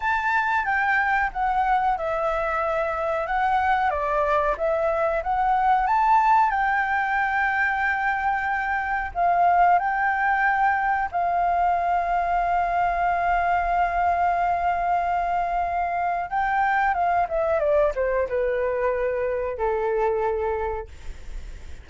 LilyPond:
\new Staff \with { instrumentName = "flute" } { \time 4/4 \tempo 4 = 92 a''4 g''4 fis''4 e''4~ | e''4 fis''4 d''4 e''4 | fis''4 a''4 g''2~ | g''2 f''4 g''4~ |
g''4 f''2.~ | f''1~ | f''4 g''4 f''8 e''8 d''8 c''8 | b'2 a'2 | }